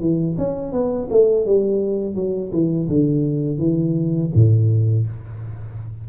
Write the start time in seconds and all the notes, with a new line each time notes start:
0.00 E3
0.38 C#4
0.72 B3
1.10 A3
1.46 G3
2.15 F#3
2.52 E3
2.88 D3
3.58 E3
4.34 A2